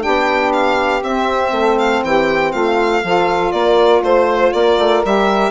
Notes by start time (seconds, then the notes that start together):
0.00 B3 D4 G4 G5
0.52 F5
1.02 C4 E5
1.51 A3 A4
1.78 F5
2.03 E3 G4 G5
2.51 A3 F4 F5
3.03 F3 F4 A4
3.51 A#3 A#4 D5
4.02 A3 C5
4.52 A#3 A#4 D5
4.78 A3
5.04 G3 G4 E5